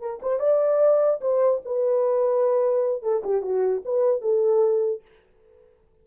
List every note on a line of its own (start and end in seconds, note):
0.00 0.20 A#4
0.22 0.39 C5
0.39 1.20 D5
1.21 1.61 C5
1.65 3.03 B4
3.03 3.23 A4
3.24 3.42 G4
3.42 3.82 F#4
3.85 4.21 B4
4.21 5.02 A4